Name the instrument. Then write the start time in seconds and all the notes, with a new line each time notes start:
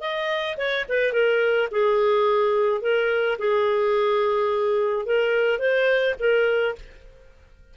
clarinet
0.00 D#5
0.57 C#5
0.88 B4
1.12 A#4
1.71 G#4
2.81 A#4
3.38 G#4
5.05 A#4
5.58 C5
6.19 A#4